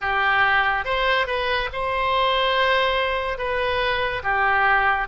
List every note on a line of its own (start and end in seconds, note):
0.01 0.85 G4
0.85 1.27 C5
1.27 1.69 B4
1.72 3.38 C5
3.38 4.22 B4
4.23 5.07 G4